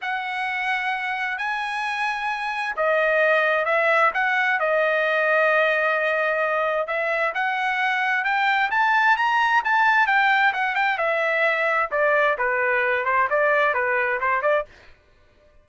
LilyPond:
\new Staff \with { instrumentName = "trumpet" } { \time 4/4 \tempo 4 = 131 fis''2. gis''4~ | gis''2 dis''2 | e''4 fis''4 dis''2~ | dis''2. e''4 |
fis''2 g''4 a''4 | ais''4 a''4 g''4 fis''8 g''8 | e''2 d''4 b'4~ | b'8 c''8 d''4 b'4 c''8 d''8 | }